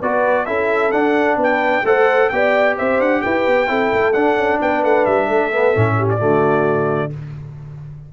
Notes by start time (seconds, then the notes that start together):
0.00 B3 F#4 B4 D5
0.45 C#4 E4 A4 E5
0.91 D4 F#5
1.36 B3 B4
1.43 G5
1.83 A3 A4 C5 F#5
2.29 B3 G4 D5 G5
2.77 C4 C5 E5
2.99 D4 F#5
3.21 E4 B4 G5
3.46 B3
3.67 C4 E4 A4
3.92 A3
4.13 D4 F#5
4.36 C#4
4.61 B3 B4 G5
4.83 A3 F#5
5.05 G3 E5
5.27 A3 A4
5.52 B3
5.74 A2 C#4
5.98 G4
6.09 D5
6.18 D3 A3 F#4